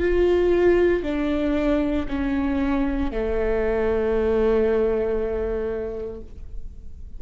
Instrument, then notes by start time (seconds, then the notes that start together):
viola
0.00 F4
1.03 D4
2.08 C#4
3.11 A3